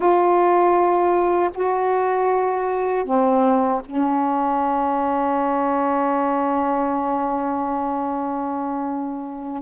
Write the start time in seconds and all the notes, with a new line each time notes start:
0.00 F4
1.54 F#4
3.04 C4
3.85 C#4